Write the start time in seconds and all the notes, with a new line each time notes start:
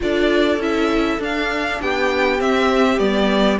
0.00 D4 F4 A4 D5
0.57 C#4 E4 E5
1.19 D4 F5
1.81 B3 G4 G5
2.38 C4 E5
2.98 G3 B3 D5